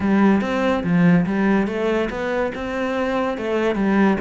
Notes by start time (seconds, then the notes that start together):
0.00 G3
0.41 C4
0.83 F3
1.26 G3
1.67 A3
2.10 B3
2.54 C4
3.37 A3
3.75 G3